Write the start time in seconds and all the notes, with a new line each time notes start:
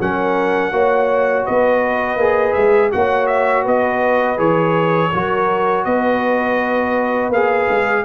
0.00 F#3 C#4 A#4 F#5
0.72 A#3 F#4 C#5
1.45 B3 B4 D#5
2.16 A#3 G#4
2.54 G#3 E5
2.91 A#3 F#4 C#5 F#5
3.27 E5
3.65 B3 B4 D#5
4.37 E3 G#4 C#5
5.12 F#3 F#4 A#4
5.85 B3 B4 D#5
7.30 A#3 G#4 F5
7.69 G#3